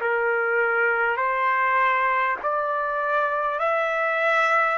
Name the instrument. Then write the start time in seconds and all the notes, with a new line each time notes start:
trumpet
0.00 A#4
1.16 C5
2.43 D5
3.59 E5